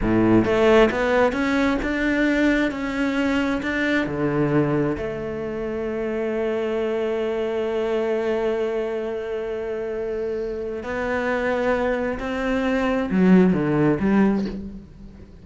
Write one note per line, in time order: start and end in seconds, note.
0.01 0.44 A2
0.44 0.89 A3
0.90 1.32 B3
1.32 1.77 C#4
1.82 2.71 D4
2.71 3.61 C#4
3.62 4.06 D4
4.06 4.96 D3
4.97 10.83 A3
10.83 12.18 B3
12.19 13.09 C4
13.10 13.53 F#3
13.53 13.98 D3
14.00 14.45 G3